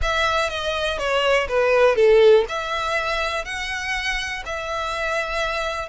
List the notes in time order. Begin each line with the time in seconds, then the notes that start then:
0.02 E5
0.49 D#5
0.98 C#5
1.48 B4
1.95 A4
2.48 E5
3.44 F#5
4.45 E5